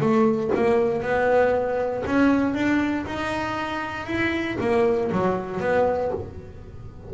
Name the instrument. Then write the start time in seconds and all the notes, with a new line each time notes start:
double bass
0.00 A3
0.55 A#3
1.02 B3
2.06 C#4
2.54 D4
3.06 D#4
4.07 E4
4.60 A#3
5.12 F#3
5.60 B3